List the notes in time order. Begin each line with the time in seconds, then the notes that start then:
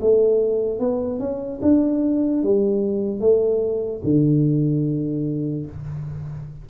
0.00 A3
0.79 B3
1.19 C#4
1.62 D4
2.43 G3
3.20 A3
4.04 D3